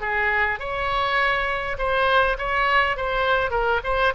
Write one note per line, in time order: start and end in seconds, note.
0.00 0.59 G#4
0.59 1.77 C#5
1.78 2.37 C5
2.38 2.96 C#5
2.96 3.51 C5
3.51 3.80 A#4
3.84 4.13 C5